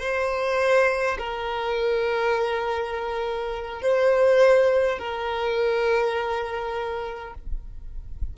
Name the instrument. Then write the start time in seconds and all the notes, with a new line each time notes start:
violin
0.00 C5
1.18 A#4
3.82 C5
4.99 A#4